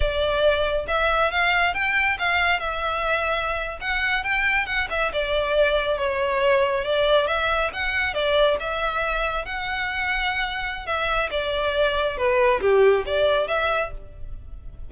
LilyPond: \new Staff \with { instrumentName = "violin" } { \time 4/4 \tempo 4 = 138 d''2 e''4 f''4 | g''4 f''4 e''2~ | e''8. fis''4 g''4 fis''8 e''8 d''16~ | d''4.~ d''16 cis''2 d''16~ |
d''8. e''4 fis''4 d''4 e''16~ | e''4.~ e''16 fis''2~ fis''16~ | fis''4 e''4 d''2 | b'4 g'4 d''4 e''4 | }